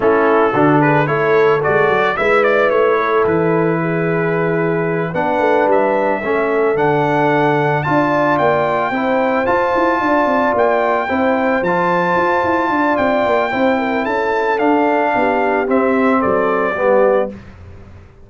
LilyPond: <<
  \new Staff \with { instrumentName = "trumpet" } { \time 4/4 \tempo 4 = 111 a'4. b'8 cis''4 d''4 | e''8 d''8 cis''4 b'2~ | b'4. fis''4 e''4.~ | e''8 fis''2 a''4 g''8~ |
g''4. a''2 g''8~ | g''4. a''2~ a''8 | g''2 a''4 f''4~ | f''4 e''4 d''2 | }
  \new Staff \with { instrumentName = "horn" } { \time 4/4 e'4 fis'8 gis'8 a'2 | b'4. a'4. gis'4~ | gis'4. b'2 a'8~ | a'2~ a'8 d''4.~ |
d''8 c''2 d''4.~ | d''8 c''2. d''8~ | d''4 c''8 ais'8 a'2 | g'2 a'4 g'4 | }
  \new Staff \with { instrumentName = "trombone" } { \time 4/4 cis'4 d'4 e'4 fis'4 | e'1~ | e'4. d'2 cis'8~ | cis'8 d'2 f'4.~ |
f'8 e'4 f'2~ f'8~ | f'8 e'4 f'2~ f'8~ | f'4 e'2 d'4~ | d'4 c'2 b4 | }
  \new Staff \with { instrumentName = "tuba" } { \time 4/4 a4 d4 a4 gis8 fis8 | gis4 a4 e2~ | e4. b8 a8 g4 a8~ | a8 d2 d'4 ais8~ |
ais8 c'4 f'8 e'8 d'8 c'8 ais8~ | ais8 c'4 f4 f'8 e'8 d'8 | c'8 ais8 c'4 cis'4 d'4 | b4 c'4 fis4 g4 | }
>>